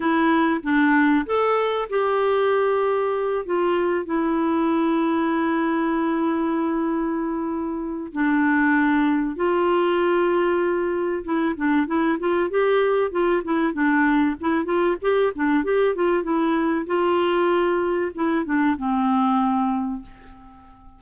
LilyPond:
\new Staff \with { instrumentName = "clarinet" } { \time 4/4 \tempo 4 = 96 e'4 d'4 a'4 g'4~ | g'4. f'4 e'4.~ | e'1~ | e'4 d'2 f'4~ |
f'2 e'8 d'8 e'8 f'8 | g'4 f'8 e'8 d'4 e'8 f'8 | g'8 d'8 g'8 f'8 e'4 f'4~ | f'4 e'8 d'8 c'2 | }